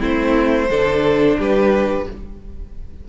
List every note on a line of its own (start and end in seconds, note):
0.00 0.70 A3
0.00 0.68 C4
0.00 0.69 E4
0.00 1.40 C5
0.70 1.38 D3
0.70 2.07 D4
0.70 1.38 A4
1.38 2.07 G3
1.38 2.06 G4
1.38 2.09 B4